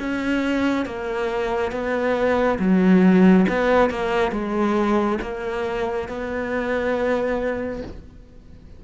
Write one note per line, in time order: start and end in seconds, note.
0.00 0.86 C#4
0.86 1.72 A#3
1.72 2.59 B3
2.60 3.47 F#3
3.49 3.91 B3
3.91 4.32 A#3
4.32 5.19 G#3
5.22 6.09 A#3
6.09 7.83 B3